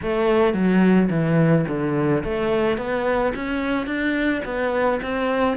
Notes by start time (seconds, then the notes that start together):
0.02 A3
0.53 F#3
1.10 E3
1.67 D3
2.24 A3
2.77 B3
3.35 C#4
3.86 D4
4.44 B3
5.02 C4